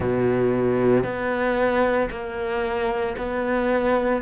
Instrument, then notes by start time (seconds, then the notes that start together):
cello
0.00 B2
1.03 B3
2.10 A#3
3.17 B3